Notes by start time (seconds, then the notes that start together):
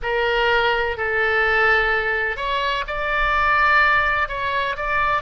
0.02 A#4
0.97 A4
2.36 C#5
2.87 D5
4.28 C#5
4.76 D5